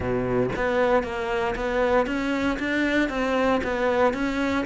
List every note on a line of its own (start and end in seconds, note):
0.00 0.49 B2
0.55 1.03 B3
1.03 1.54 A#3
1.55 2.06 B3
2.06 2.58 C#4
2.59 3.09 D4
3.09 3.61 C4
3.63 4.13 B3
4.13 4.65 C#4